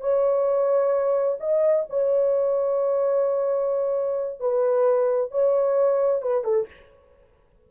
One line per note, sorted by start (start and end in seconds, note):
0.00 1.37 C#5
1.40 1.85 D#5
1.89 4.39 C#5
4.39 5.31 B4
5.31 6.22 C#5
6.22 6.44 B4
6.44 6.66 A4